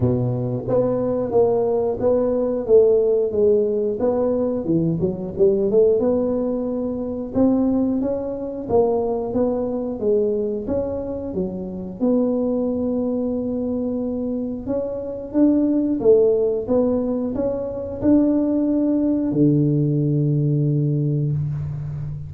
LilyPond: \new Staff \with { instrumentName = "tuba" } { \time 4/4 \tempo 4 = 90 b,4 b4 ais4 b4 | a4 gis4 b4 e8 fis8 | g8 a8 b2 c'4 | cis'4 ais4 b4 gis4 |
cis'4 fis4 b2~ | b2 cis'4 d'4 | a4 b4 cis'4 d'4~ | d'4 d2. | }